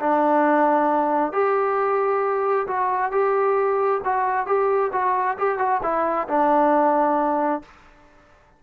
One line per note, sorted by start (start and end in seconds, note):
0.00 1.32 D4
1.32 2.67 G4
2.67 3.12 F#4
3.12 4.01 G4
4.04 4.47 F#4
4.47 4.91 G4
4.93 5.37 F#4
5.38 5.58 G4
5.58 5.81 F#4
5.83 6.28 E4
6.28 7.62 D4